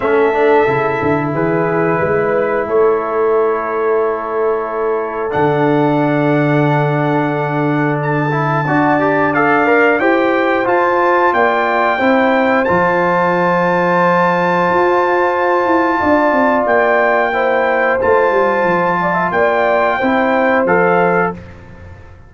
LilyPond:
<<
  \new Staff \with { instrumentName = "trumpet" } { \time 4/4 \tempo 4 = 90 e''2 b'2 | cis''1 | fis''1 | a''2 f''4 g''4 |
a''4 g''2 a''4~ | a''1~ | a''4 g''2 a''4~ | a''4 g''2 f''4 | }
  \new Staff \with { instrumentName = "horn" } { \time 4/4 a'2 gis'4 b'4 | a'1~ | a'1~ | a'4 d''2 c''4~ |
c''4 d''4 c''2~ | c''1 | d''2 c''2~ | c''8 d''16 e''16 d''4 c''2 | }
  \new Staff \with { instrumentName = "trombone" } { \time 4/4 cis'8 d'8 e'2.~ | e'1 | d'1~ | d'8 e'8 fis'8 g'8 a'8 ais'8 g'4 |
f'2 e'4 f'4~ | f'1~ | f'2 e'4 f'4~ | f'2 e'4 a'4 | }
  \new Staff \with { instrumentName = "tuba" } { \time 4/4 a4 cis8 d8 e4 gis4 | a1 | d1~ | d4 d'2 e'4 |
f'4 ais4 c'4 f4~ | f2 f'4. e'8 | d'8 c'8 ais2 a8 g8 | f4 ais4 c'4 f4 | }
>>